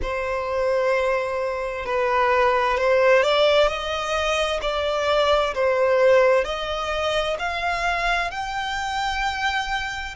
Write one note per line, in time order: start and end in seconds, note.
0.02 1.85 C5
1.85 2.77 B4
2.77 3.23 C5
3.23 3.67 D5
3.67 4.59 D#5
4.62 5.54 D5
5.54 6.44 C5
6.44 7.36 D#5
7.38 8.30 F5
8.30 10.15 G5